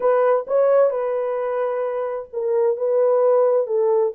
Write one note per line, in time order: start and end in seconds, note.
0.00 0.46 B4
0.47 0.90 C#5
0.90 2.28 B4
2.32 2.77 A#4
2.77 3.67 B4
3.67 4.13 A4